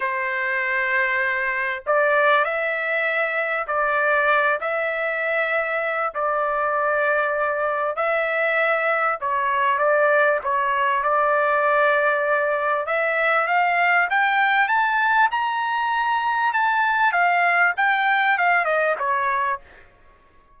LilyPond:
\new Staff \with { instrumentName = "trumpet" } { \time 4/4 \tempo 4 = 98 c''2. d''4 | e''2 d''4. e''8~ | e''2 d''2~ | d''4 e''2 cis''4 |
d''4 cis''4 d''2~ | d''4 e''4 f''4 g''4 | a''4 ais''2 a''4 | f''4 g''4 f''8 dis''8 cis''4 | }